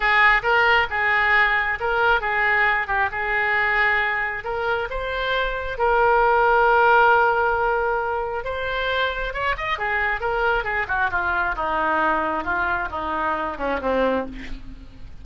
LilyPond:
\new Staff \with { instrumentName = "oboe" } { \time 4/4 \tempo 4 = 135 gis'4 ais'4 gis'2 | ais'4 gis'4. g'8 gis'4~ | gis'2 ais'4 c''4~ | c''4 ais'2.~ |
ais'2. c''4~ | c''4 cis''8 dis''8 gis'4 ais'4 | gis'8 fis'8 f'4 dis'2 | f'4 dis'4. cis'8 c'4 | }